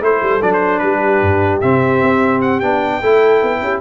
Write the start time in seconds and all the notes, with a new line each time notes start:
0.00 A3 E4 A4 C5
0.21 G3
0.41 F#3 D4 D5
0.53 C5
0.78 G3 G4 B4
1.21 G2
1.60 C3 C4 E5
2.02 C4
2.41 F#5
2.60 B3 D4 G5
2.99 A3 E4 A4
3.42 B3
3.61 C#4 G4